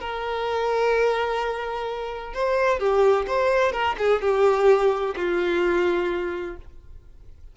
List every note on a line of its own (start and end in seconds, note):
0.00 2.33 A#4
2.33 2.79 C5
2.79 3.26 G4
3.27 3.72 C5
3.72 3.95 A#4
3.98 4.21 G#4
4.21 5.15 G4
5.16 6.56 F4